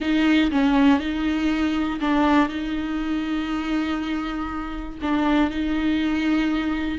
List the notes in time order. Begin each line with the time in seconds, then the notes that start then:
0.00 D#4
0.51 C#4
0.99 D#4
2.00 D4
2.48 D#4
5.02 D4
5.50 D#4